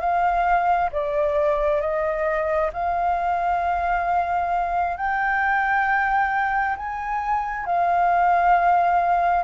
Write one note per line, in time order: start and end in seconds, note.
0.00 0.90 F5
0.92 1.81 D5
1.81 2.71 D#5
2.73 4.97 F5
4.97 6.76 G5
6.77 7.66 G#5
7.66 9.44 F5